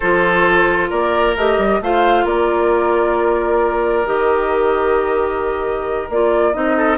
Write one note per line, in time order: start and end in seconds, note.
0.00 0.91 F3
0.00 1.37 F4
0.00 0.89 A4
0.00 0.89 C5
0.89 1.36 A#3
0.89 1.79 A#4
0.89 1.35 D5
1.36 1.57 A3
1.36 1.82 G4
1.36 1.82 D#5
1.57 1.80 G3
1.81 2.25 A3
1.81 4.06 F4
1.81 2.25 C5
1.81 2.26 F5
2.25 4.05 A#3
2.25 6.76 A#4
2.25 4.06 D5
4.06 6.09 D#3
4.06 6.09 G4
4.06 6.09 D#5
6.09 6.54 A#3
6.09 6.53 F4
6.09 6.53 D5
6.53 6.97 C4
6.53 6.97 D#4
6.53 6.97 D#5
6.77 6.97 A4